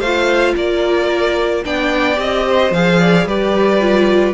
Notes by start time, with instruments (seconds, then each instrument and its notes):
0.00 cello A3, viola F4, violin C5 F5
0.56 cello A#3, violin A#4 D5
1.65 cello B3, viola D4, violin D5 G5
2.16 cello C4, viola G4, violin D#5
2.47 violin C5
2.72 cello F3, viola G#4, violin F5
3.00 violin D5
3.26 cello G3, viola G4, violin B4 D5
3.81 viola F4